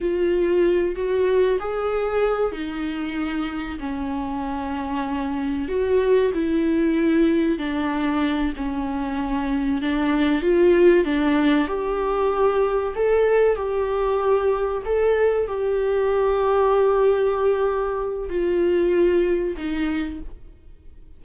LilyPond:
\new Staff \with { instrumentName = "viola" } { \time 4/4 \tempo 4 = 95 f'4. fis'4 gis'4. | dis'2 cis'2~ | cis'4 fis'4 e'2 | d'4. cis'2 d'8~ |
d'8 f'4 d'4 g'4.~ | g'8 a'4 g'2 a'8~ | a'8 g'2.~ g'8~ | g'4 f'2 dis'4 | }